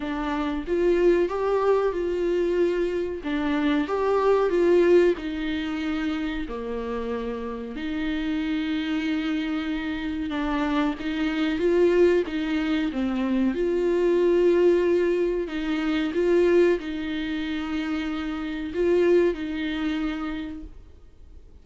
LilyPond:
\new Staff \with { instrumentName = "viola" } { \time 4/4 \tempo 4 = 93 d'4 f'4 g'4 f'4~ | f'4 d'4 g'4 f'4 | dis'2 ais2 | dis'1 |
d'4 dis'4 f'4 dis'4 | c'4 f'2. | dis'4 f'4 dis'2~ | dis'4 f'4 dis'2 | }